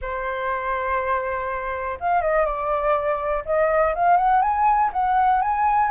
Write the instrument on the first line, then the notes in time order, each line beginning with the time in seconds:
flute
0.01 C5
2.00 F5
2.21 D#5
2.45 D5
3.45 D#5
3.95 F5
4.16 F#5
4.41 G#5
4.92 F#5
5.41 G#5